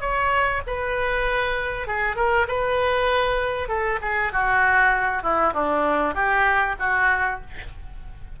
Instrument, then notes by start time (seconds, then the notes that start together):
oboe
0.00 C#5
0.67 B4
1.87 G#4
2.15 A#4
2.47 B4
3.68 A4
4.01 G#4
4.32 F#4
5.22 E4
5.53 D4
6.14 G4
6.79 F#4